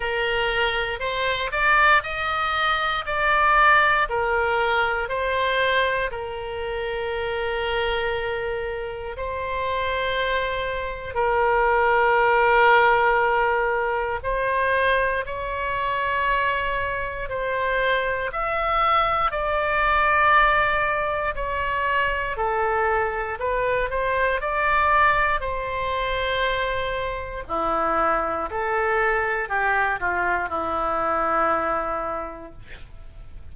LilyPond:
\new Staff \with { instrumentName = "oboe" } { \time 4/4 \tempo 4 = 59 ais'4 c''8 d''8 dis''4 d''4 | ais'4 c''4 ais'2~ | ais'4 c''2 ais'4~ | ais'2 c''4 cis''4~ |
cis''4 c''4 e''4 d''4~ | d''4 cis''4 a'4 b'8 c''8 | d''4 c''2 e'4 | a'4 g'8 f'8 e'2 | }